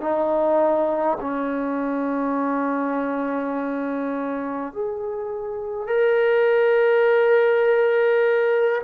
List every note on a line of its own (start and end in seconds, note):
0.00 1.18 D#4
1.21 4.73 C#4
4.73 5.88 G#4
5.88 8.82 A#4